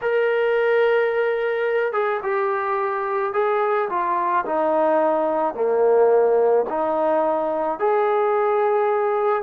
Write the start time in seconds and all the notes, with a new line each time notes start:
0.01 A#4
1.92 G#4
2.22 G4
3.33 G#4
3.89 F4
4.45 D#4
5.54 A#3
6.69 D#4
7.79 G#4